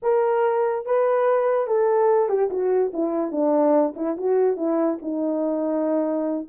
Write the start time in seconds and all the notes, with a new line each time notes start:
0.02 A#4
0.85 B4
1.67 A4
2.28 G4
2.50 F#4
2.93 E4
3.31 D4
3.95 E4
4.17 F#4
4.56 E4
5.02 D#4